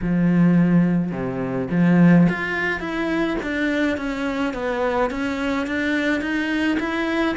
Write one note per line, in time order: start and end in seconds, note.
0.01 1.11 F3
1.11 1.68 C3
1.70 2.27 F3
2.29 2.80 F4
2.80 3.36 E4
3.42 3.97 D4
3.97 4.53 C#4
4.53 5.10 B3
5.10 5.66 C#4
5.66 6.21 D4
6.21 6.77 D#4
6.79 7.36 E4